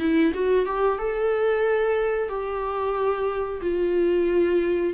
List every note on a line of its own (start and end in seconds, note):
0.00 0.33 E4
0.34 0.66 F#4
0.66 0.99 G4
0.99 2.29 A4
2.29 3.61 G4
3.62 4.94 F4